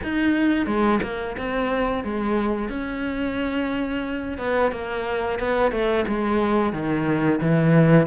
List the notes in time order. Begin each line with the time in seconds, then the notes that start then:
0.03 D#4
0.66 G#3
1.02 A#3
1.37 C4
2.04 G#3
2.69 C#4
4.38 B3
4.71 A#3
5.39 B3
5.71 A3
6.07 G#3
6.72 D#3
7.40 E3